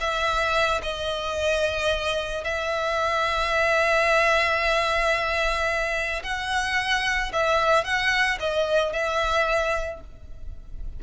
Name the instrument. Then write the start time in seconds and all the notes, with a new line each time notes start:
violin
0.00 E5
0.83 D#5
2.44 E5
6.23 F#5
7.32 E5
7.84 F#5
8.40 D#5
8.93 E5